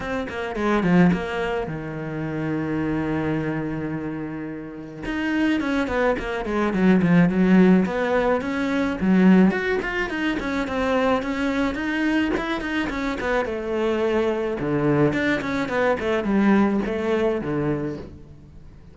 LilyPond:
\new Staff \with { instrumentName = "cello" } { \time 4/4 \tempo 4 = 107 c'8 ais8 gis8 f8 ais4 dis4~ | dis1~ | dis4 dis'4 cis'8 b8 ais8 gis8 | fis8 f8 fis4 b4 cis'4 |
fis4 fis'8 f'8 dis'8 cis'8 c'4 | cis'4 dis'4 e'8 dis'8 cis'8 b8 | a2 d4 d'8 cis'8 | b8 a8 g4 a4 d4 | }